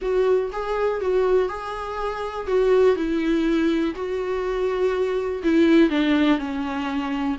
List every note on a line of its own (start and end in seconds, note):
0.01 0.51 F#4
0.52 1.00 G#4
1.00 1.49 F#4
1.49 2.47 G#4
2.47 2.96 F#4
2.96 3.94 E4
3.95 5.42 F#4
5.43 5.89 E4
5.89 6.38 D4
6.38 7.36 C#4